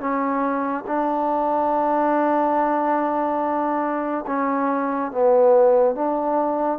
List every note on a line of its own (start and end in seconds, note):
0.00 0.85 C#4
0.87 4.25 D4
4.27 5.11 C#4
5.12 5.95 B3
5.95 6.79 D4